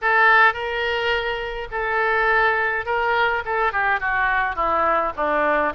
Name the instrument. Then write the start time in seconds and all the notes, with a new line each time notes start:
oboe
0.01 A4
0.53 A#4
1.71 A4
2.85 A#4
3.45 A4
3.72 G4
3.99 F#4
4.55 E4
5.16 D4